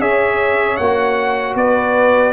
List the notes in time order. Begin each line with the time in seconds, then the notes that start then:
0.00 C#4 G#4 C#5 E5
0.77 A#3 F#4 F#5
1.55 B3 B4 D5